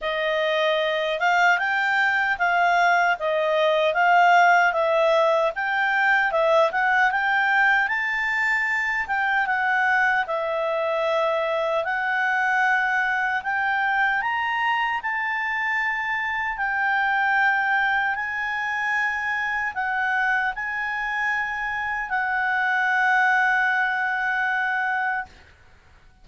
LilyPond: \new Staff \with { instrumentName = "clarinet" } { \time 4/4 \tempo 4 = 76 dis''4. f''8 g''4 f''4 | dis''4 f''4 e''4 g''4 | e''8 fis''8 g''4 a''4. g''8 | fis''4 e''2 fis''4~ |
fis''4 g''4 ais''4 a''4~ | a''4 g''2 gis''4~ | gis''4 fis''4 gis''2 | fis''1 | }